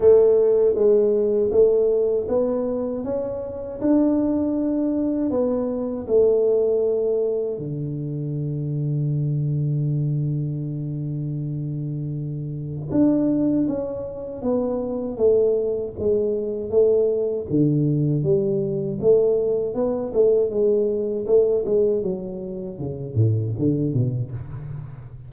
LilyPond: \new Staff \with { instrumentName = "tuba" } { \time 4/4 \tempo 4 = 79 a4 gis4 a4 b4 | cis'4 d'2 b4 | a2 d2~ | d1~ |
d4 d'4 cis'4 b4 | a4 gis4 a4 d4 | g4 a4 b8 a8 gis4 | a8 gis8 fis4 cis8 a,8 d8 b,8 | }